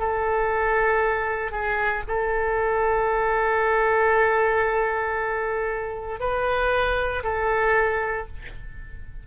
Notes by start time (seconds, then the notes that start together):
0.00 A4
1.52 G#4
2.08 A4
6.20 B4
7.24 A4